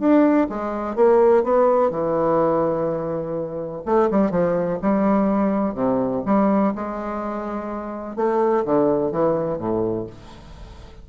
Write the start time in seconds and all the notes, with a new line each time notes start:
0.00 D4
0.50 G#3
0.96 A#3
1.44 B3
1.91 E3
3.86 A3
4.11 G3
4.31 F3
4.83 G3
5.75 C3
6.26 G3
6.75 G#3
8.17 A3
8.66 D3
9.12 E3
9.59 A2